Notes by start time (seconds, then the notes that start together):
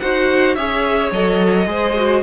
0.00 D#4 F#4 C5 F#5
0.55 C#4 G#4 C#5 E5
1.12 F#3 A4 D#5
1.66 G#3 G#4 C5
1.96 F#4